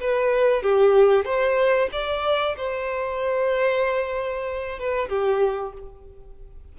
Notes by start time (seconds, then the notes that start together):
0.00 B4
0.62 G4
1.25 C5
1.92 D5
2.56 C5
4.79 B4
5.09 G4